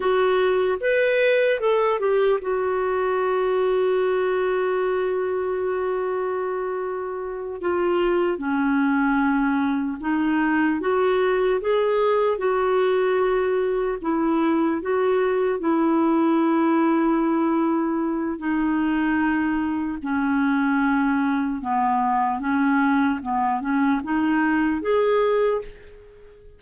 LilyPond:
\new Staff \with { instrumentName = "clarinet" } { \time 4/4 \tempo 4 = 75 fis'4 b'4 a'8 g'8 fis'4~ | fis'1~ | fis'4. f'4 cis'4.~ | cis'8 dis'4 fis'4 gis'4 fis'8~ |
fis'4. e'4 fis'4 e'8~ | e'2. dis'4~ | dis'4 cis'2 b4 | cis'4 b8 cis'8 dis'4 gis'4 | }